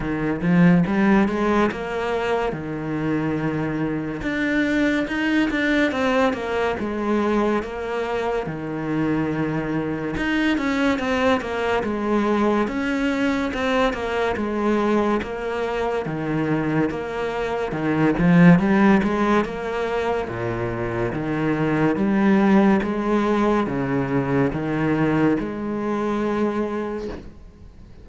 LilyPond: \new Staff \with { instrumentName = "cello" } { \time 4/4 \tempo 4 = 71 dis8 f8 g8 gis8 ais4 dis4~ | dis4 d'4 dis'8 d'8 c'8 ais8 | gis4 ais4 dis2 | dis'8 cis'8 c'8 ais8 gis4 cis'4 |
c'8 ais8 gis4 ais4 dis4 | ais4 dis8 f8 g8 gis8 ais4 | ais,4 dis4 g4 gis4 | cis4 dis4 gis2 | }